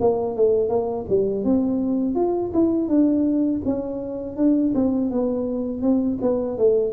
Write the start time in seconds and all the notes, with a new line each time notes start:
0.00 A#3
0.36 A3
0.69 A#3
1.09 G3
1.44 C4
2.15 F4
2.53 E4
2.88 D4
3.65 C#4
4.36 D4
4.74 C4
5.10 B3
5.81 C4
6.21 B3
6.58 A3